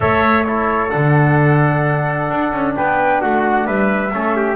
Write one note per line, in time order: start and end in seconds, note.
0.00 0.92 A3
0.00 0.45 A4
0.00 0.46 C#5
0.00 0.44 E5
0.44 0.89 E4
0.44 2.76 A4
0.44 0.90 C#5
0.89 2.30 D3
0.89 4.10 D4
0.89 2.73 F#5
2.30 2.52 D4
2.52 2.75 C#4
2.75 3.23 B3
2.75 3.21 B4
2.75 3.20 G5
3.20 3.66 A3
3.20 3.65 F#4
3.20 3.66 F#5
3.65 4.12 G3
3.65 4.11 B4
3.65 4.56 E5
4.12 4.56 A3
4.12 4.56 C#4
4.12 4.36 A4
4.36 4.56 G4